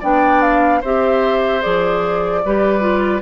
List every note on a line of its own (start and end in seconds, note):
0.00 0.83 B3
0.00 0.82 D4
0.00 0.80 D5
0.00 0.42 G5
0.42 0.82 F5
0.81 1.64 C4
0.81 1.62 G4
0.81 2.41 C5
0.81 1.62 E5
1.62 2.45 F3
1.62 2.42 G#4
1.62 3.22 D5
2.45 3.22 G3
2.45 2.80 G4
2.45 3.22 B4
2.80 3.20 F4